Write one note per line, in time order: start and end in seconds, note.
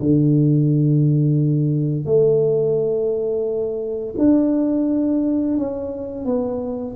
0.00 2.05 D3
2.05 4.14 A3
4.18 5.58 D4
5.58 6.25 C#4
6.25 6.95 B3